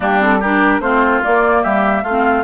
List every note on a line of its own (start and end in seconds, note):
0.00 0.79 G3
0.00 0.20 A#3
0.00 0.39 D4
0.00 0.23 G4
0.20 0.40 C4
0.20 0.42 A4
0.39 0.82 D4
0.39 0.81 G4
0.39 0.80 A#4
0.79 1.20 A3
0.79 1.23 C4
0.79 1.62 F4
0.79 1.22 C5
1.23 2.05 A#3
1.23 1.64 A#3
1.23 1.63 D5
1.62 2.03 G3
1.62 2.03 G4
1.62 2.04 E5
2.03 2.44 A3
2.03 2.44 F4
2.03 2.44 F5
2.09 2.44 C4